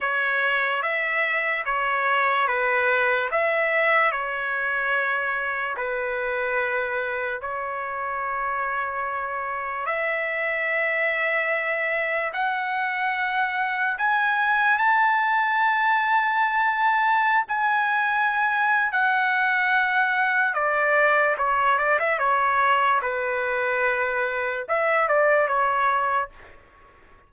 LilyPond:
\new Staff \with { instrumentName = "trumpet" } { \time 4/4 \tempo 4 = 73 cis''4 e''4 cis''4 b'4 | e''4 cis''2 b'4~ | b'4 cis''2. | e''2. fis''4~ |
fis''4 gis''4 a''2~ | a''4~ a''16 gis''4.~ gis''16 fis''4~ | fis''4 d''4 cis''8 d''16 e''16 cis''4 | b'2 e''8 d''8 cis''4 | }